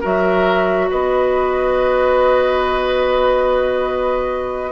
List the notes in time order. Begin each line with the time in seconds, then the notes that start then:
0.00 F#3 F#4 A#4 E5
0.90 B3 B4 D#5